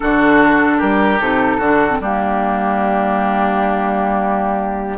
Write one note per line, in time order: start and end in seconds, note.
0.00 0.81 D3
0.00 1.19 D4
0.00 0.77 F#4
0.00 0.79 A4
0.77 1.20 G3
0.77 1.57 G4
0.77 1.19 A#4
1.20 1.59 C3
1.20 1.60 D#4
1.20 2.00 A4
1.57 1.99 D3
1.57 1.90 D4
1.57 1.97 F#4
1.90 2.00 C4
2.00 4.97 G3
2.00 4.97 A#3
2.00 4.97 D4
2.00 4.97 G4